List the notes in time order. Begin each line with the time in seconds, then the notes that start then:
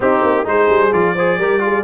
0.00 C4 D#4 G4
0.23 A#3
0.44 G#3 D#4 G#4 C5
0.69 G3
0.92 F3 F4 D5
1.15 G#4 C5
1.38 G3 G4 A#4
1.59 F4 G#4